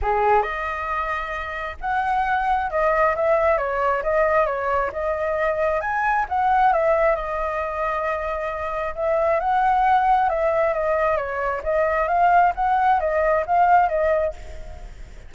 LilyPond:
\new Staff \with { instrumentName = "flute" } { \time 4/4 \tempo 4 = 134 gis'4 dis''2. | fis''2 dis''4 e''4 | cis''4 dis''4 cis''4 dis''4~ | dis''4 gis''4 fis''4 e''4 |
dis''1 | e''4 fis''2 e''4 | dis''4 cis''4 dis''4 f''4 | fis''4 dis''4 f''4 dis''4 | }